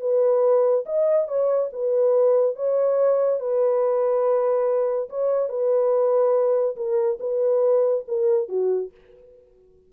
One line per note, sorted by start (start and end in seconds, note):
0.00 0.85 B4
0.85 1.28 D#5
1.28 1.70 C#5
1.72 2.55 B4
2.55 3.40 C#5
3.40 5.09 B4
5.09 5.49 C#5
5.49 6.76 B4
6.76 7.18 A#4
7.20 8.04 B4
8.07 8.48 A#4
8.48 8.91 F#4